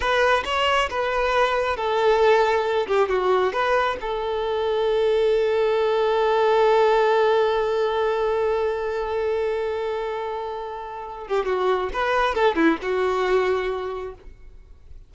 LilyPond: \new Staff \with { instrumentName = "violin" } { \time 4/4 \tempo 4 = 136 b'4 cis''4 b'2 | a'2~ a'8 g'8 fis'4 | b'4 a'2.~ | a'1~ |
a'1~ | a'1~ | a'4. g'8 fis'4 b'4 | a'8 e'8 fis'2. | }